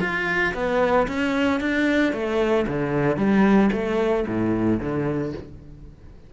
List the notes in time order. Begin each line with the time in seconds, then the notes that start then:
0.00 F4
0.54 B3
1.07 C#4
1.60 D4
2.13 A3
2.67 D3
3.16 G3
3.72 A3
4.27 A2
4.80 D3